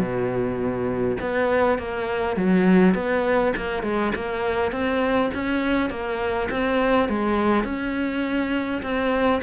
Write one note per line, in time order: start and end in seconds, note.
0.00 1.18 B2
1.21 1.79 B3
1.79 2.37 A#3
2.37 2.95 F#3
2.95 3.54 B3
3.57 3.83 A#3
3.83 4.13 G#3
4.16 4.72 A#3
4.72 5.31 C4
5.34 5.90 C#4
5.90 6.49 A#3
6.51 7.09 C4
7.09 7.64 G#3
7.64 8.82 C#4
8.83 9.42 C4